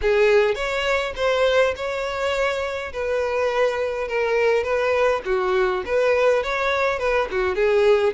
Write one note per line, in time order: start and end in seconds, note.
0.01 0.55 G#4
0.55 1.13 C#5
1.16 1.74 C5
1.76 2.92 C#5
2.92 4.08 B4
4.08 4.63 A#4
4.63 5.21 B4
5.25 5.83 F#4
5.85 6.43 B4
6.43 6.98 C#5
6.98 7.28 B4
7.31 7.55 F#4
7.55 8.13 G#4